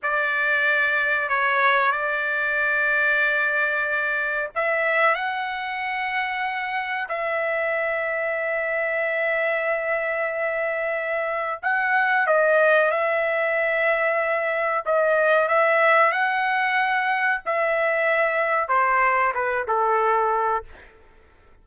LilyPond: \new Staff \with { instrumentName = "trumpet" } { \time 4/4 \tempo 4 = 93 d''2 cis''4 d''4~ | d''2. e''4 | fis''2. e''4~ | e''1~ |
e''2 fis''4 dis''4 | e''2. dis''4 | e''4 fis''2 e''4~ | e''4 c''4 b'8 a'4. | }